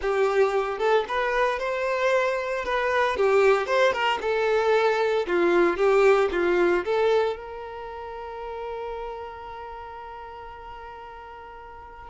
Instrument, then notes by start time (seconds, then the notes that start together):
violin
0.01 G4
0.78 A4
1.08 B4
1.59 C5
2.65 B4
3.16 G4
3.66 C5
3.92 A#4
4.21 A4
5.27 F4
5.76 G4
6.31 F4
6.84 A4
7.36 A#4